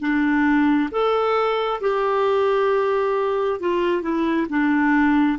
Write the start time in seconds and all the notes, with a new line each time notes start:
0.00 D4
0.91 A4
1.80 G4
3.59 F4
4.02 E4
4.49 D4